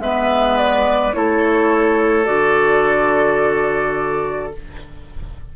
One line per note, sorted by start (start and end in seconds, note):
0.00 1.13 G#3
0.00 1.13 B3
0.00 1.16 B4
0.00 0.58 E5
0.58 1.14 D5
1.13 2.28 A3
1.13 2.25 E4
1.13 4.56 A4
1.13 2.26 C#5
2.25 4.54 D3
2.25 4.52 F#4
2.25 4.52 D5